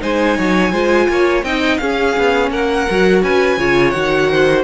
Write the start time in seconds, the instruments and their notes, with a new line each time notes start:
0.00 cello G#3, viola D#4, violin C5 G#5
0.37 cello F#3, violin C#5
0.72 cello G#3, viola F4, violin C5
1.08 cello A#3, violin C#5
1.43 cello C4, viola D#4, violin D#5 G5
1.78 cello C#4, viola C#4, violin G#4 F5
2.17 cello B3
2.50 cello A#3, violin A#4 F#5
2.90 cello F#3, viola F#4
3.23 cello C#4, violin B4 G#5
3.58 cello C#3, viola F4, violin C#5
3.91 cello D#3, viola F#4, violin F#5
4.31 violin C5